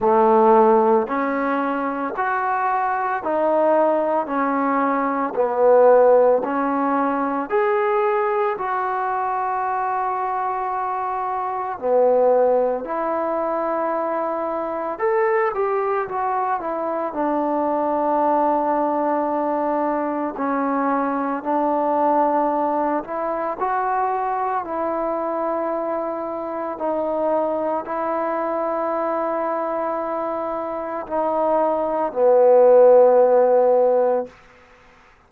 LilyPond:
\new Staff \with { instrumentName = "trombone" } { \time 4/4 \tempo 4 = 56 a4 cis'4 fis'4 dis'4 | cis'4 b4 cis'4 gis'4 | fis'2. b4 | e'2 a'8 g'8 fis'8 e'8 |
d'2. cis'4 | d'4. e'8 fis'4 e'4~ | e'4 dis'4 e'2~ | e'4 dis'4 b2 | }